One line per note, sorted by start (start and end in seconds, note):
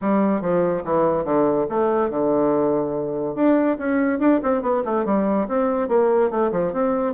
0.01 0.41 G3
0.41 0.83 F3
0.84 1.24 E3
1.24 1.66 D3
1.69 2.10 A3
2.10 3.35 D3
3.35 3.77 D4
3.78 4.19 C#4
4.19 4.40 D4
4.42 4.62 C4
4.62 4.83 B3
4.84 5.05 A3
5.05 5.47 G3
5.48 5.88 C4
5.88 6.30 A#3
6.30 6.51 A3
6.51 6.72 F3
6.72 7.13 C4